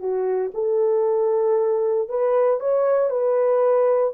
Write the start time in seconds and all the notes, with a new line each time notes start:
0.00 F#4
0.54 A4
2.09 B4
2.60 C#5
3.10 B4